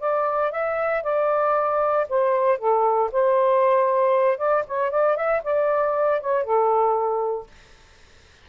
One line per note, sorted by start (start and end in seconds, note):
0.00 0.51 D5
0.51 1.03 E5
1.03 2.07 D5
2.09 2.58 C5
2.58 3.10 A4
3.12 4.38 C5
4.38 4.64 D5
4.68 4.91 C#5
4.91 5.16 D5
5.16 5.42 E5
5.43 6.21 D5
6.21 6.44 C#5
6.44 7.47 A4